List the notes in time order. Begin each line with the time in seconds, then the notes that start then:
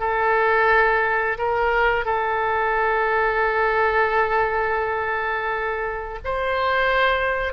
0.00 A4
1.39 A#4
2.05 A4
6.25 C5